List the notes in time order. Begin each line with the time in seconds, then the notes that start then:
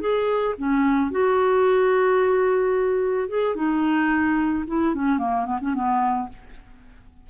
0.00 G#4
0.58 C#4
1.11 F#4
3.29 G#4
3.55 D#4
4.67 E4
4.95 C#4
5.19 A#3
5.45 B3
5.61 C#4
5.74 B3